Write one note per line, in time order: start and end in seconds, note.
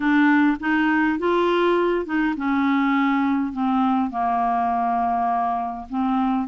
0.00 0.57 D4
0.60 1.18 D#4
1.18 2.05 F4
2.05 2.34 D#4
2.36 3.53 C#4
3.53 4.10 C4
4.10 5.87 A#3
5.89 6.48 C4